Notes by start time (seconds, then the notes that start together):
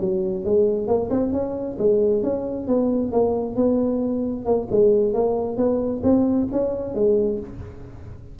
0.00 F#3
0.44 G#3
0.87 A#3
1.10 C4
1.32 C#4
1.78 G#3
2.23 C#4
2.67 B3
3.11 A#3
3.56 B3
4.45 A#3
4.71 G#3
5.13 A#3
5.57 B3
6.03 C4
6.51 C#4
6.94 G#3